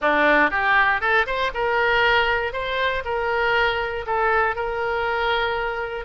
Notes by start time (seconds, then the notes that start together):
0.01 D4
0.50 G4
1.00 A4
1.26 C5
1.54 A#4
2.52 C5
3.04 A#4
4.06 A4
4.55 A#4